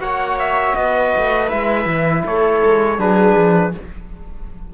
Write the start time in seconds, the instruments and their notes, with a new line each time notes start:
0.00 cello A#3, trombone F#4, viola C#5, trumpet F#5
0.39 trumpet E5
0.76 cello B3, viola B4, trumpet D#5
1.17 cello A3
1.50 cello G#3, trombone E4, trumpet E5
1.86 cello E3
2.25 cello A3, viola A4, trumpet C#5
2.64 cello G#3
2.98 cello F#3, trombone D4, viola G#4, trumpet B4
3.37 cello F3